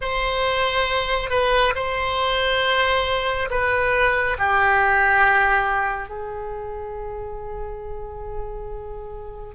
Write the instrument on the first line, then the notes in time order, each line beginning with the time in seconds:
oboe
0.01 C5
1.30 B4
1.75 C5
3.50 B4
4.38 G4
6.09 G#4